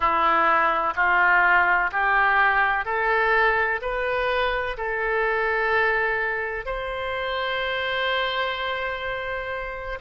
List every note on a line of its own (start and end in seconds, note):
0.00 0.94 E4
0.95 1.90 F4
1.91 2.85 G4
2.85 3.80 A4
3.81 4.76 B4
4.77 6.65 A4
6.65 9.98 C5